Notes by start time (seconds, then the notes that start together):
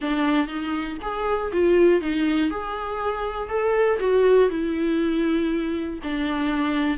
0.01 D4
0.47 D#4
1.01 G#4
1.52 F4
2.01 D#4
2.50 G#4
3.49 A4
3.99 F#4
4.49 E4
6.03 D4